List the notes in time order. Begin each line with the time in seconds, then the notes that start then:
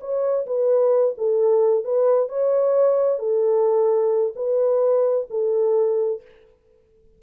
0.00 C#5
0.46 B4
1.17 A4
1.84 B4
2.28 C#5
3.19 A4
4.35 B4
5.30 A4